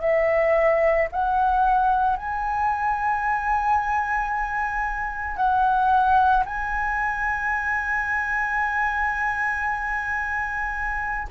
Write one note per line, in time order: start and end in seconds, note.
0.00 1.07 E5
1.12 2.16 F#5
2.16 5.36 G#5
5.36 6.43 F#5
6.45 11.27 G#5